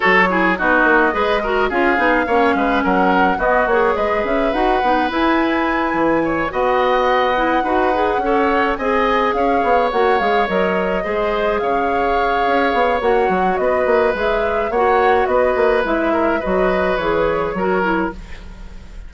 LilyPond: <<
  \new Staff \with { instrumentName = "flute" } { \time 4/4 \tempo 4 = 106 cis''4 dis''2 f''4~ | f''4 fis''4 dis''8 cis''8 dis''8 e''8 | fis''4 gis''2~ gis''8 fis''8~ | fis''2.~ fis''8 gis''8~ |
gis''8 f''4 fis''8 f''8 dis''4.~ | dis''8 f''2~ f''8 fis''4 | dis''4 e''4 fis''4 dis''4 | e''4 dis''4 cis''2 | }
  \new Staff \with { instrumentName = "oboe" } { \time 4/4 a'8 gis'8 fis'4 b'8 ais'8 gis'4 | cis''8 b'8 ais'4 fis'4 b'4~ | b'2. cis''8 dis''8~ | dis''4. b'4 cis''4 dis''8~ |
dis''8 cis''2. c''8~ | c''8 cis''2.~ cis''8 | b'2 cis''4 b'4~ | b'8 ais'8 b'2 ais'4 | }
  \new Staff \with { instrumentName = "clarinet" } { \time 4/4 fis'8 e'8 dis'4 gis'8 fis'8 f'8 dis'8 | cis'2 b8 gis'4. | fis'8 dis'8 e'2~ e'8 fis'8~ | fis'4 e'8 fis'8 gis'8 a'4 gis'8~ |
gis'4. fis'8 gis'8 ais'4 gis'8~ | gis'2. fis'4~ | fis'4 gis'4 fis'2 | e'4 fis'4 gis'4 fis'8 e'8 | }
  \new Staff \with { instrumentName = "bassoon" } { \time 4/4 fis4 b8 ais8 gis4 cis'8 b8 | ais8 gis8 fis4 b8 ais8 gis8 cis'8 | dis'8 b8 e'4. e4 b8~ | b4. dis'4 cis'4 c'8~ |
c'8 cis'8 b8 ais8 gis8 fis4 gis8~ | gis8 cis4. cis'8 b8 ais8 fis8 | b8 ais8 gis4 ais4 b8 ais8 | gis4 fis4 e4 fis4 | }
>>